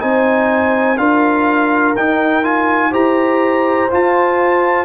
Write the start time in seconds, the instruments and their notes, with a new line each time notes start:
0.00 tuba C4, trombone D#4, horn C5, trumpet G#5
0.98 tuba D4, trombone F4, horn A#4, trumpet F5
1.96 tuba D#4, trombone D#4, trumpet G5
2.43 trombone F4, trumpet G#5
2.91 tuba E4, trombone G4, horn C5, trumpet A#5
3.91 trombone F4, tuba F4, trumpet A5